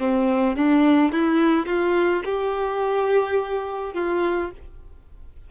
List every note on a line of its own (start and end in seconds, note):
0.00 0.57 C4
0.57 1.13 D4
1.13 1.67 E4
1.67 2.23 F4
2.25 3.94 G4
3.94 4.51 F4